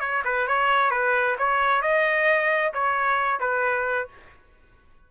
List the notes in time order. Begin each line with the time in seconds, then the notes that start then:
0.00 C#5
0.25 B4
0.48 C#5
0.91 B4
1.38 C#5
1.82 D#5
2.74 C#5
3.40 B4